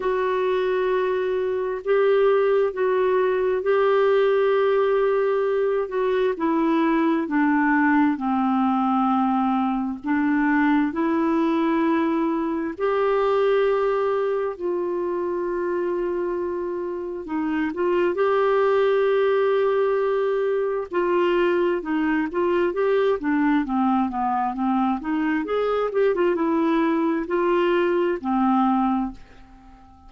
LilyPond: \new Staff \with { instrumentName = "clarinet" } { \time 4/4 \tempo 4 = 66 fis'2 g'4 fis'4 | g'2~ g'8 fis'8 e'4 | d'4 c'2 d'4 | e'2 g'2 |
f'2. dis'8 f'8 | g'2. f'4 | dis'8 f'8 g'8 d'8 c'8 b8 c'8 dis'8 | gis'8 g'16 f'16 e'4 f'4 c'4 | }